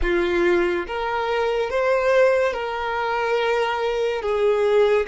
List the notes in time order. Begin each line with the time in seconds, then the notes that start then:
0.02 F4
0.86 A#4
1.69 C5
2.53 A#4
4.21 G#4